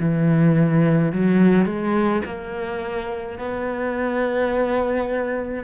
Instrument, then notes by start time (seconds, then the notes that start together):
cello
0.00 E3
1.12 F#3
1.66 G#3
2.25 A#3
3.39 B3